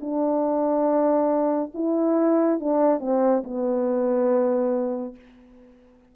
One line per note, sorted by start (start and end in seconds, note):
0.00 1.71 D4
1.74 2.59 E4
2.59 3.00 D4
3.00 3.42 C4
3.44 5.15 B3